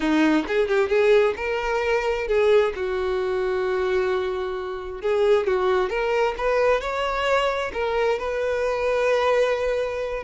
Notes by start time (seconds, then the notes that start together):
0.00 D#4
0.47 G#4
0.68 G4
0.89 G#4
1.36 A#4
2.27 G#4
2.75 F#4
5.01 G#4
5.46 F#4
5.89 A#4
6.37 B4
6.80 C#5
7.73 A#4
8.18 B4